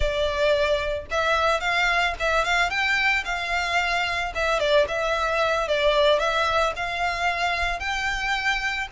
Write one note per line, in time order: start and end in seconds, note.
0.00 1.06 D5
1.11 1.60 E5
1.60 2.14 F5
2.19 2.44 E5
2.44 2.70 F5
2.70 3.24 G5
3.24 4.32 F5
4.35 4.59 E5
4.59 4.86 D5
4.87 5.68 E5
5.68 6.19 D5
6.19 6.73 E5
6.76 7.79 F5
7.79 8.87 G5